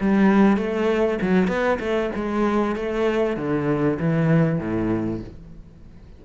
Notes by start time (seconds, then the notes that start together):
0.00 G3
0.57 A3
1.21 F#3
1.47 B3
1.79 A3
2.15 G#3
2.76 A3
3.36 D3
3.99 E3
4.59 A2